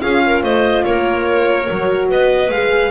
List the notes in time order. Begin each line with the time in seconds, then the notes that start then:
0.00 C#4 F4 G#4 F5
0.26 A#4
0.43 A3 C5 D#5
0.84 A#3 A#4 C#5
1.66 F#3 F#4
2.09 B3 B4 D#5
2.49 G#3 G#4 F5